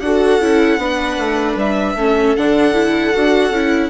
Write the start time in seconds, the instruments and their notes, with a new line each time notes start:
0.00 bassoon D4, viola F#4 A4, violin F#5
0.40 bassoon C#4, viola E4
0.77 bassoon B3, viola D4 B4
1.18 bassoon A3
1.55 bassoon G3, violin E5
1.95 bassoon A3, viola C#4 A4
2.36 bassoon D3, viola D4, violin F#5
2.73 viola E4
3.14 bassoon D4, viola F#4
3.50 bassoon C#4, viola E4